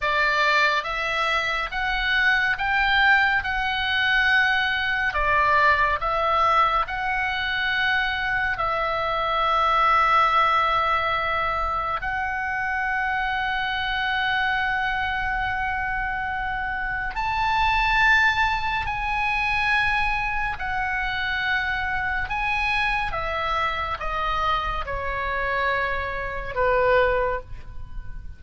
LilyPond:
\new Staff \with { instrumentName = "oboe" } { \time 4/4 \tempo 4 = 70 d''4 e''4 fis''4 g''4 | fis''2 d''4 e''4 | fis''2 e''2~ | e''2 fis''2~ |
fis''1 | a''2 gis''2 | fis''2 gis''4 e''4 | dis''4 cis''2 b'4 | }